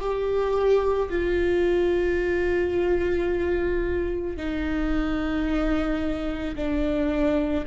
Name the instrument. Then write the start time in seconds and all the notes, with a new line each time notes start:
viola
0.00 G4
1.10 F4
4.37 D#4
6.56 D4